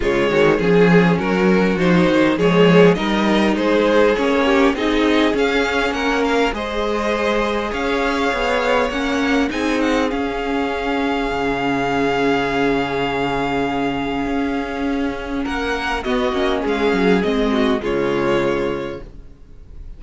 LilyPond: <<
  \new Staff \with { instrumentName = "violin" } { \time 4/4 \tempo 4 = 101 cis''4 gis'4 ais'4 c''4 | cis''4 dis''4 c''4 cis''4 | dis''4 f''4 fis''8 f''8 dis''4~ | dis''4 f''2 fis''4 |
gis''8 fis''8 f''2.~ | f''1~ | f''2 fis''4 dis''4 | f''4 dis''4 cis''2 | }
  \new Staff \with { instrumentName = "violin" } { \time 4/4 f'8 fis'8 gis'4 fis'2 | gis'4 ais'4 gis'4. g'8 | gis'2 ais'4 c''4~ | c''4 cis''2. |
gis'1~ | gis'1~ | gis'2 ais'4 fis'4 | gis'4. fis'8 f'2 | }
  \new Staff \with { instrumentName = "viola" } { \time 4/4 gis4 cis'2 dis'4 | gis4 dis'2 cis'4 | dis'4 cis'2 gis'4~ | gis'2. cis'4 |
dis'4 cis'2.~ | cis'1~ | cis'2. b8 cis'8~ | cis'4 c'4 gis2 | }
  \new Staff \with { instrumentName = "cello" } { \time 4/4 cis8 dis8 f4 fis4 f8 dis8 | f4 g4 gis4 ais4 | c'4 cis'4 ais4 gis4~ | gis4 cis'4 b4 ais4 |
c'4 cis'2 cis4~ | cis1 | cis'2 ais4 b8 ais8 | gis8 fis8 gis4 cis2 | }
>>